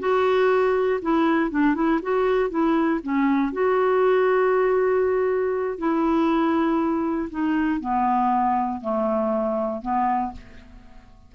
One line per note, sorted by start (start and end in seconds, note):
0.00 1.01 F#4
1.02 1.51 E4
1.51 1.75 D4
1.75 2.00 E4
2.03 2.50 F#4
2.50 3.01 E4
3.03 3.53 C#4
3.53 5.79 F#4
5.79 7.30 E4
7.31 7.81 D#4
7.81 8.81 B3
8.81 9.82 A3
9.82 10.33 B3